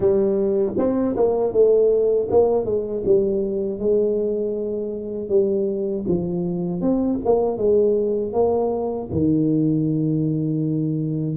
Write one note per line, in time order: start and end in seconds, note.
0.00 0.73 G3
0.77 1.15 C4
1.16 1.52 A#3
1.52 2.28 A3
2.30 2.65 A#3
2.65 3.03 G#3
3.05 3.79 G3
3.79 5.28 G#3
5.28 6.04 G3
6.08 6.81 F3
6.81 7.19 C4
7.25 7.57 A#3
7.57 8.33 G#3
8.33 9.09 A#3
9.11 11.36 D#3